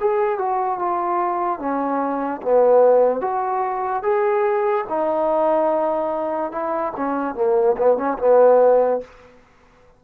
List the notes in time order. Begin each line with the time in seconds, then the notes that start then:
0.00 G#4
0.38 F#4
0.79 F4
1.59 C#4
2.42 B3
3.21 F#4
4.03 G#4
4.89 D#4
6.52 E4
6.96 C#4
7.35 A#3
7.77 B3
7.97 C#4
8.18 B3